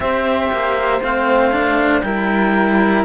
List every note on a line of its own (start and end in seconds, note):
0.00 0.50 C4
0.00 1.01 G4
0.00 2.04 C5
0.00 1.01 E5
0.52 1.00 A#3
1.00 2.02 A3
1.00 1.51 C4
1.00 2.01 F5
1.51 2.02 D4
2.01 3.04 G3
2.01 3.05 E4
2.01 3.05 A#4
2.01 3.02 G5